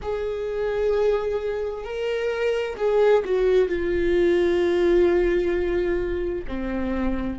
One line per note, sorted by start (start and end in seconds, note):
0.02 1.84 G#4
1.84 2.76 A#4
2.77 3.23 G#4
3.24 3.68 F#4
3.68 6.45 F4
6.47 7.38 C4